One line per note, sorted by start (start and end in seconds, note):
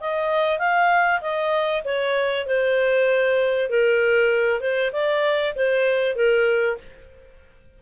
0.00 0.58 D#5
0.58 1.20 F5
1.21 1.83 D#5
1.84 2.46 C#5
2.46 3.69 C5
3.69 4.60 A#4
4.60 4.91 C5
4.92 5.54 D5
5.55 6.15 C5
6.15 6.77 A#4